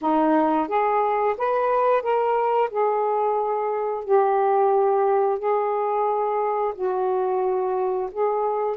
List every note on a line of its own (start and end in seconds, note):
0.01 0.68 D#4
0.68 1.35 G#4
1.37 2.02 B4
2.02 2.69 A#4
2.70 4.04 G#4
4.04 5.38 G4
5.38 6.73 G#4
6.74 8.09 F#4
8.11 8.76 G#4